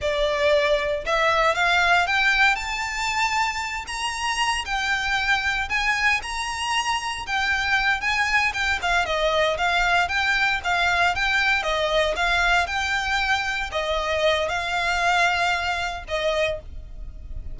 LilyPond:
\new Staff \with { instrumentName = "violin" } { \time 4/4 \tempo 4 = 116 d''2 e''4 f''4 | g''4 a''2~ a''8 ais''8~ | ais''4 g''2 gis''4 | ais''2 g''4. gis''8~ |
gis''8 g''8 f''8 dis''4 f''4 g''8~ | g''8 f''4 g''4 dis''4 f''8~ | f''8 g''2 dis''4. | f''2. dis''4 | }